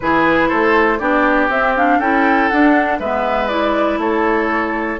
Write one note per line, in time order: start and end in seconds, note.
0.00 0.51 E3
0.00 0.99 E4
0.00 0.48 G#4
0.00 0.48 B4
0.48 1.00 A3
0.48 0.98 A4
0.48 0.98 C5
0.98 1.49 B3
0.98 1.49 D4
0.98 1.99 G4
0.98 1.48 D5
1.49 1.99 C4
1.49 1.77 C4
1.49 1.75 E5
1.76 2.02 D4
1.76 2.00 F5
1.99 2.49 C#4
1.99 2.52 E4
1.99 2.99 A4
1.99 2.48 G5
2.48 3.02 D4
2.48 2.99 D4
2.48 2.98 F#5
2.99 3.97 G#3
2.99 3.49 B3
2.99 3.99 B4
2.99 3.48 E5
3.48 4.99 E4
3.48 3.98 D5
3.97 4.97 A3
3.97 4.99 A4
3.97 4.99 C#5